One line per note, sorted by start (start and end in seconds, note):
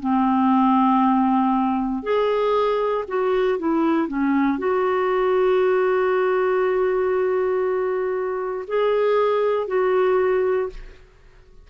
0.00 2.03 C4
2.03 3.05 G#4
3.08 3.59 F#4
3.59 4.08 E4
4.08 4.59 C#4
4.59 8.66 F#4
8.68 9.68 G#4
9.68 10.70 F#4